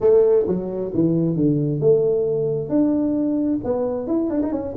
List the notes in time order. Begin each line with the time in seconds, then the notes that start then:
0.01 A3
0.47 F#3
0.94 E3
1.35 D3
1.80 A3
2.69 D4
3.64 B3
4.07 E4
4.29 D4
4.42 D#4
4.52 C#4